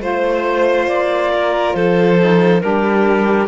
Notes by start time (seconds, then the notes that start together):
0.00 A3 F4 C5
0.87 A#3 D5
1.33 A#4
1.74 F3 A4 C5
2.20 D#4
2.61 G3 D4 G4 A#4